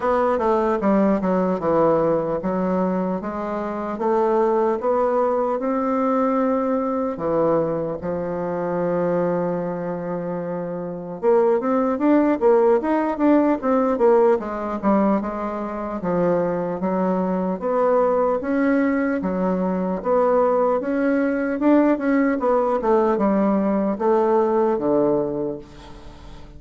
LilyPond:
\new Staff \with { instrumentName = "bassoon" } { \time 4/4 \tempo 4 = 75 b8 a8 g8 fis8 e4 fis4 | gis4 a4 b4 c'4~ | c'4 e4 f2~ | f2 ais8 c'8 d'8 ais8 |
dis'8 d'8 c'8 ais8 gis8 g8 gis4 | f4 fis4 b4 cis'4 | fis4 b4 cis'4 d'8 cis'8 | b8 a8 g4 a4 d4 | }